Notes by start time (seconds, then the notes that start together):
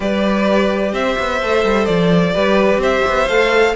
0.00 G3 G4 B4 D5
0.92 C4 C5 E5
1.18 B3
1.41 A3 A4
1.64 G3
1.85 F3 D5
2.34 G3 G4 B4
2.77 C4 C5 E5
3.08 B3
3.27 A3 A4 F5